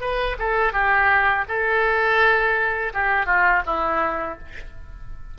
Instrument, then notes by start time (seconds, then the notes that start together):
oboe
0.00 B4
0.38 A4
0.72 G4
1.48 A4
2.93 G4
3.26 F4
3.66 E4